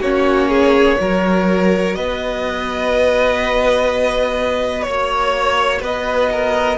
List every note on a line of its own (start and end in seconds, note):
0.00 0.97 A#3
0.00 0.98 C#4
0.00 0.48 F#4
0.00 1.95 C#5
0.48 0.96 G#4
0.98 1.97 F#3
0.98 6.77 F#4
0.98 1.96 A#4
1.95 4.87 B3
1.95 4.86 B4
1.95 4.82 D#5
4.82 5.81 A#3
4.82 5.79 C#5
4.82 5.81 C#5
5.81 6.77 B3
5.81 6.29 B4
5.81 6.77 D#5
6.32 6.77 A#4